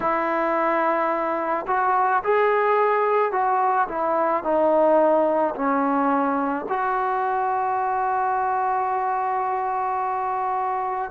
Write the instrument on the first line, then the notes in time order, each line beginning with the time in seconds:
trombone
0.00 E4
1.67 F#4
2.23 G#4
3.31 F#4
3.88 E4
4.43 D#4
5.55 C#4
6.69 F#4